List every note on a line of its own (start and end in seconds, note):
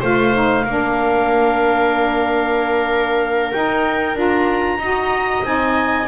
0.00 0.65 A3
0.00 0.33 F4
0.00 0.64 C5
0.00 3.52 F5
0.33 0.65 D#4
0.64 3.53 A#3
0.64 3.53 D4
0.64 4.79 A#4
3.52 4.14 D#4
3.52 4.15 D#4
3.52 4.16 G5
4.14 4.78 D4
4.14 4.78 F4
4.14 5.45 A#5
4.78 5.41 D#4
4.78 5.43 F#4
4.78 6.07 D#5
5.43 6.07 C4
5.43 6.07 D#4
5.43 6.08 G#5